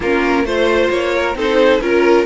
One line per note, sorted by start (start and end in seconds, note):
0.00 0.43 A#3
0.00 0.46 C#4
0.00 0.45 F4
0.00 0.45 A#4
0.43 0.89 A3
0.43 1.35 F4
0.43 0.90 C5
0.43 1.14 C5
0.89 1.35 A#3
0.89 1.36 C#5
1.15 1.37 A#4
1.35 1.80 C4
1.35 1.80 D#4
1.35 1.82 A4
1.35 1.80 C5
1.80 2.26 C#4
1.80 2.26 F4
1.80 2.26 A#4